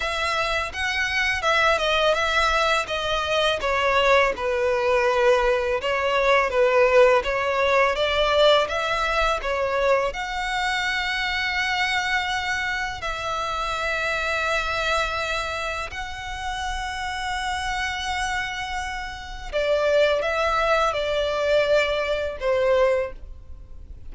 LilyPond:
\new Staff \with { instrumentName = "violin" } { \time 4/4 \tempo 4 = 83 e''4 fis''4 e''8 dis''8 e''4 | dis''4 cis''4 b'2 | cis''4 b'4 cis''4 d''4 | e''4 cis''4 fis''2~ |
fis''2 e''2~ | e''2 fis''2~ | fis''2. d''4 | e''4 d''2 c''4 | }